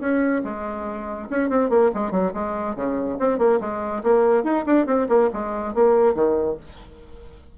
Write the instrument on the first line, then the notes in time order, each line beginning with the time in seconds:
bassoon
0.00 C#4
0.44 G#3
1.30 C#4
1.50 C4
1.70 A#3
1.94 G#3
2.11 F#3
2.34 G#3
2.76 C#3
3.19 C4
3.39 A#3
3.60 G#3
4.04 A#3
4.44 D#4
4.66 D4
4.86 C4
5.09 A#3
5.34 G#3
5.75 A#3
6.14 D#3